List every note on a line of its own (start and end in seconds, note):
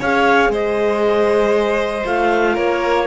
0.00 0.50 C#4
0.00 2.05 G#4
0.00 0.51 C#5
0.00 0.53 F5
0.50 2.03 G#3
0.50 2.53 C5
0.50 2.06 D#5
2.05 2.57 A3
2.05 3.07 F4
2.05 2.57 F5
2.53 3.07 A#3
2.53 3.04 A#4
2.53 3.07 C#5